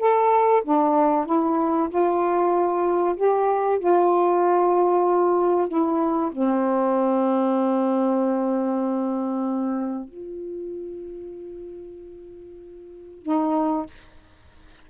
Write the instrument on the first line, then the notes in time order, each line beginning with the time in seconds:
saxophone
0.00 A4
0.65 D4
1.26 E4
1.90 F4
3.17 G4
3.80 F4
5.69 E4
6.32 C4
10.09 F4
13.23 D#4